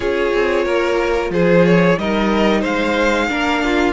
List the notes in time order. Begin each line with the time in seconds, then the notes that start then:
0.00 C#4 F4 G#4 C#5
0.33 C4
0.65 A#3 A#4
1.30 F3 G#4 C5
1.66 C#5
1.98 G3 D#4 A#4 D#5
2.60 G#3 C5 F5
3.29 A#3 D4 A#4
3.64 F4